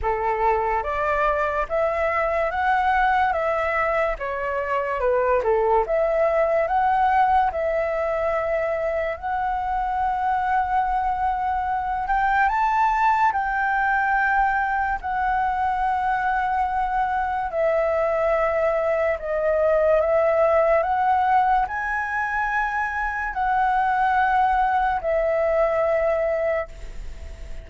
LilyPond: \new Staff \with { instrumentName = "flute" } { \time 4/4 \tempo 4 = 72 a'4 d''4 e''4 fis''4 | e''4 cis''4 b'8 a'8 e''4 | fis''4 e''2 fis''4~ | fis''2~ fis''8 g''8 a''4 |
g''2 fis''2~ | fis''4 e''2 dis''4 | e''4 fis''4 gis''2 | fis''2 e''2 | }